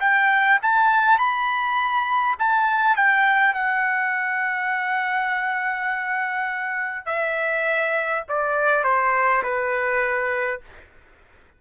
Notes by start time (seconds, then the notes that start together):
0.00 G5
0.62 A5
1.18 B5
2.39 A5
2.96 G5
3.54 F#5
7.05 E5
8.28 D5
8.83 C5
9.43 B4